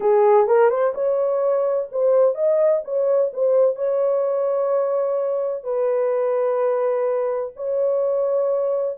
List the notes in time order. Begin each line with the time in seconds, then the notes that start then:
0.00 G#4
0.47 A#4
0.69 C5
0.94 C#5
1.91 C5
2.34 D#5
2.84 C#5
3.33 C5
3.75 C#5
5.63 B4
7.55 C#5